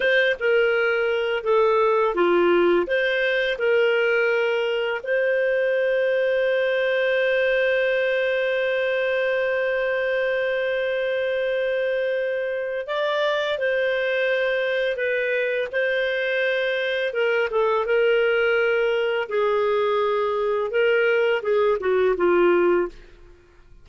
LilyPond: \new Staff \with { instrumentName = "clarinet" } { \time 4/4 \tempo 4 = 84 c''8 ais'4. a'4 f'4 | c''4 ais'2 c''4~ | c''1~ | c''1~ |
c''2 d''4 c''4~ | c''4 b'4 c''2 | ais'8 a'8 ais'2 gis'4~ | gis'4 ais'4 gis'8 fis'8 f'4 | }